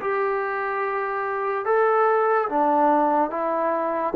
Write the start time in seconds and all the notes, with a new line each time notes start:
0.00 G4
1.65 A4
2.49 D4
3.30 E4